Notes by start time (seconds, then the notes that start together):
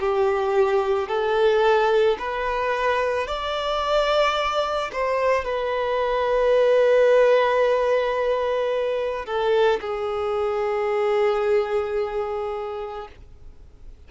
0.00 G4
1.09 A4
2.19 B4
3.28 D5
4.92 C5
5.45 B4
9.26 A4
9.81 G#4